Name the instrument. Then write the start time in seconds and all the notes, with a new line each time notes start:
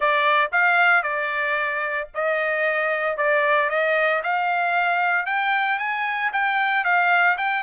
trumpet
0.00 D5
0.52 F5
1.03 D5
2.14 D#5
3.17 D5
3.69 D#5
4.23 F5
5.26 G5
5.78 G#5
6.32 G5
6.84 F5
7.37 G5